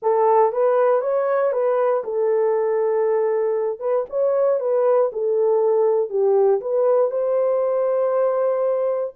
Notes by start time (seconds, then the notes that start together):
0.02 A4
0.52 B4
1.01 C#5
1.52 B4
2.03 A4
3.79 B4
4.09 C#5
4.59 B4
5.12 A4
6.09 G4
6.61 B4
7.10 C5